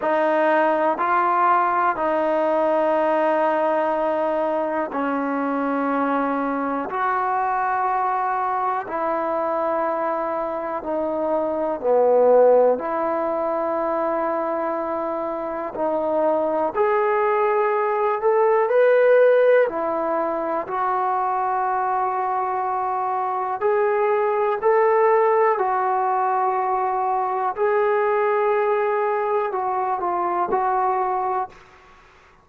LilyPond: \new Staff \with { instrumentName = "trombone" } { \time 4/4 \tempo 4 = 61 dis'4 f'4 dis'2~ | dis'4 cis'2 fis'4~ | fis'4 e'2 dis'4 | b4 e'2. |
dis'4 gis'4. a'8 b'4 | e'4 fis'2. | gis'4 a'4 fis'2 | gis'2 fis'8 f'8 fis'4 | }